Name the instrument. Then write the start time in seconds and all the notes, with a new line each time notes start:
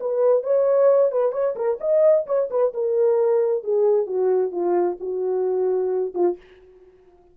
horn
0.00 B4
0.43 C#5
1.12 B4
1.32 C#5
1.56 A#4
1.81 D#5
2.26 C#5
2.50 B4
2.74 A#4
3.64 G#4
4.06 F#4
4.52 F4
5.00 F#4
6.14 F4